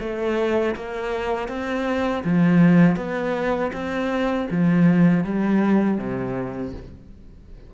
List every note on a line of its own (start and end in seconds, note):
0.00 0.75 A3
0.76 1.49 A#3
1.49 2.24 C4
2.24 2.97 F3
2.97 3.72 B3
3.73 4.48 C4
4.51 5.25 F3
5.25 5.98 G3
5.98 6.73 C3